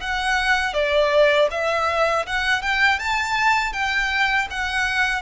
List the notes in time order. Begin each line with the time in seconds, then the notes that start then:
0.00 F#5
0.73 D5
1.51 E5
2.26 F#5
2.61 G5
2.99 A5
3.73 G5
4.50 F#5